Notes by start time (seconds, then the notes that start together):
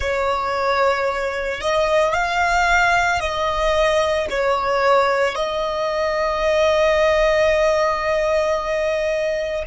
0.00 C#5
1.61 D#5
2.13 F5
3.19 D#5
4.30 C#5
5.35 D#5